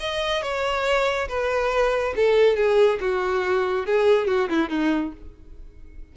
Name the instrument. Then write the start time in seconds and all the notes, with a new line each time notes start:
violin
0.00 D#5
0.42 C#5
1.28 B4
2.16 A4
2.57 G#4
3.01 F#4
3.86 G#4
4.27 F#4
4.49 E4
4.69 D#4